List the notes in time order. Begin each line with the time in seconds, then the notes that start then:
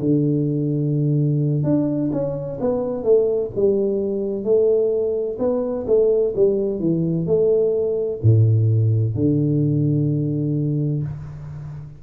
0.00 D3
1.64 D4
2.12 C#4
2.60 B3
3.04 A3
3.56 G3
4.44 A3
5.39 B3
5.87 A3
6.35 G3
6.80 E3
7.26 A3
8.22 A2
9.15 D3